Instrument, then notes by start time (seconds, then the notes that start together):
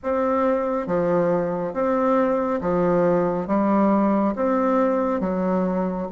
bassoon
0.03 C4
0.87 F3
1.73 C4
2.61 F3
3.47 G3
4.35 C4
5.20 F#3